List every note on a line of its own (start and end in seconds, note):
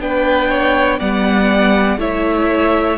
0.00 1.00 B3
0.00 1.00 D4
0.00 0.49 B4
0.00 1.00 G5
0.49 0.99 C#5
0.99 1.98 G3
0.99 1.99 B3
0.99 1.99 D5
0.99 2.00 F#5
1.98 2.98 A3
1.98 2.98 E4
1.98 2.98 C#5
1.98 2.98 E5